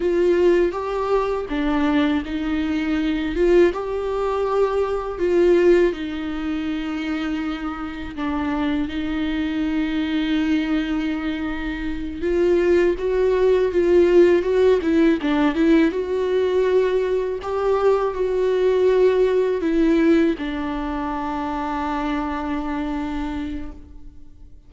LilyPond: \new Staff \with { instrumentName = "viola" } { \time 4/4 \tempo 4 = 81 f'4 g'4 d'4 dis'4~ | dis'8 f'8 g'2 f'4 | dis'2. d'4 | dis'1~ |
dis'8 f'4 fis'4 f'4 fis'8 | e'8 d'8 e'8 fis'2 g'8~ | g'8 fis'2 e'4 d'8~ | d'1 | }